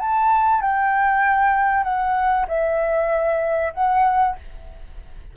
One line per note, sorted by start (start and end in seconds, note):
0.00 0.62 A5
0.62 1.84 G5
1.84 2.47 F#5
2.49 3.74 E5
3.74 4.37 F#5